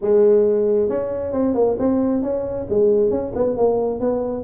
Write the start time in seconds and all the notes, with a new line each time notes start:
0.01 G#3
0.89 C#4
1.32 C4
1.54 A#3
1.79 C4
2.22 C#4
2.69 G#3
3.10 C#4
3.35 B3
3.57 A#3
3.99 B3